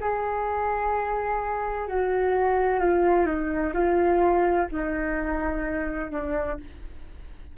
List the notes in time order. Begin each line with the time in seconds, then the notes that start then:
0.00 G#4
1.87 F#4
2.80 F4
3.26 D#4
3.73 F4
4.71 D#4
6.10 D4